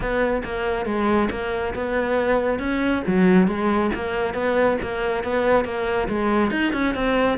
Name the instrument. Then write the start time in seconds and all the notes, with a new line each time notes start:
cello
0.00 B3
0.44 A#3
0.85 G#3
1.30 A#3
1.74 B3
2.59 C#4
3.06 F#3
3.47 G#3
3.94 A#3
4.34 B3
4.82 A#3
5.23 B3
5.64 A#3
6.08 G#3
6.51 D#4
6.73 C#4
6.95 C4